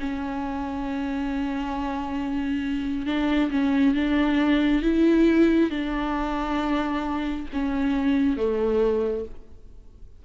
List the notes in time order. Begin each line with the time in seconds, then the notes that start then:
0.00 C#4
3.06 D4
3.51 C#4
3.95 D4
4.82 E4
5.70 D4
7.53 C#4
8.37 A3